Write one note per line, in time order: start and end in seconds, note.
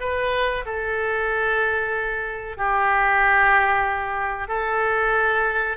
0.00 0.65 B4
0.66 2.57 A4
2.57 4.48 G4
4.48 5.77 A4